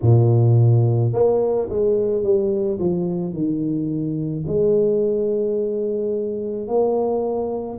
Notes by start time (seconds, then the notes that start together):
0.01 A#2
1.13 A#3
1.69 G#3
2.23 G3
2.79 F3
3.33 D#3
4.47 G#3
6.67 A#3